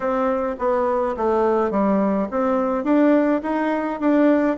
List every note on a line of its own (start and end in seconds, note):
0.00 0.56 C4
0.58 1.15 B3
1.17 1.70 A3
1.70 2.28 G3
2.30 2.84 C4
2.84 3.41 D4
3.42 3.99 D#4
3.99 4.57 D4